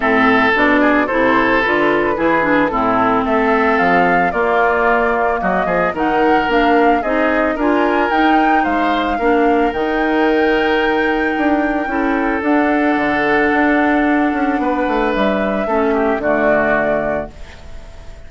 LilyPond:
<<
  \new Staff \with { instrumentName = "flute" } { \time 4/4 \tempo 4 = 111 e''4 d''4 c''4 b'4~ | b'4 a'4 e''4 f''4 | d''2 dis''4 fis''4 | f''4 dis''4 gis''4 g''4 |
f''2 g''2~ | g''2. fis''4~ | fis''1 | e''2 d''2 | }
  \new Staff \with { instrumentName = "oboe" } { \time 4/4 a'4. gis'8 a'2 | gis'4 e'4 a'2 | f'2 fis'8 gis'8 ais'4~ | ais'4 gis'4 ais'2 |
c''4 ais'2.~ | ais'2 a'2~ | a'2. b'4~ | b'4 a'8 g'8 fis'2 | }
  \new Staff \with { instrumentName = "clarinet" } { \time 4/4 c'4 d'4 e'4 f'4 | e'8 d'8 c'2. | ais2. dis'4 | d'4 dis'4 f'4 dis'4~ |
dis'4 d'4 dis'2~ | dis'2 e'4 d'4~ | d'1~ | d'4 cis'4 a2 | }
  \new Staff \with { instrumentName = "bassoon" } { \time 4/4 a,4 b,4 c4 d4 | e4 a,4 a4 f4 | ais2 fis8 f8 dis4 | ais4 c'4 d'4 dis'4 |
gis4 ais4 dis2~ | dis4 d'4 cis'4 d'4 | d4 d'4. cis'8 b8 a8 | g4 a4 d2 | }
>>